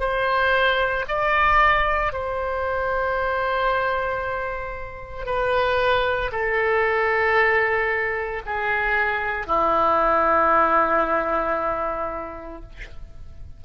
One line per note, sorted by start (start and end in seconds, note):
0.00 1.05 C5
1.09 2.13 D5
2.13 5.26 C5
5.26 6.31 B4
6.32 8.43 A4
8.46 9.47 G#4
9.47 12.63 E4